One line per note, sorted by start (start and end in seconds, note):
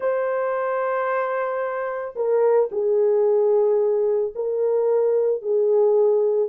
0.00 2.14 C5
2.15 2.69 A#4
2.71 4.33 G#4
4.35 5.42 A#4
5.42 6.49 G#4